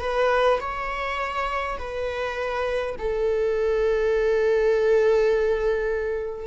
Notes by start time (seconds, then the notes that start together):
0.00 B4
0.60 C#5
1.78 B4
2.98 A4